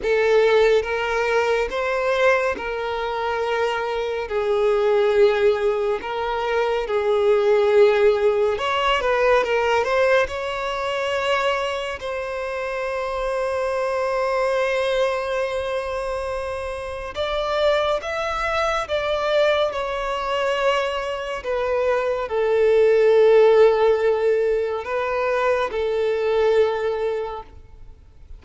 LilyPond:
\new Staff \with { instrumentName = "violin" } { \time 4/4 \tempo 4 = 70 a'4 ais'4 c''4 ais'4~ | ais'4 gis'2 ais'4 | gis'2 cis''8 b'8 ais'8 c''8 | cis''2 c''2~ |
c''1 | d''4 e''4 d''4 cis''4~ | cis''4 b'4 a'2~ | a'4 b'4 a'2 | }